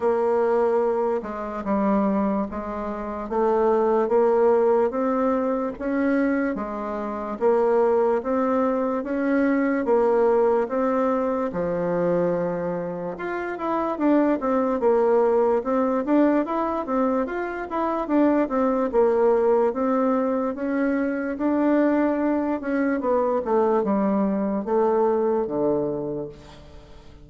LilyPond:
\new Staff \with { instrumentName = "bassoon" } { \time 4/4 \tempo 4 = 73 ais4. gis8 g4 gis4 | a4 ais4 c'4 cis'4 | gis4 ais4 c'4 cis'4 | ais4 c'4 f2 |
f'8 e'8 d'8 c'8 ais4 c'8 d'8 | e'8 c'8 f'8 e'8 d'8 c'8 ais4 | c'4 cis'4 d'4. cis'8 | b8 a8 g4 a4 d4 | }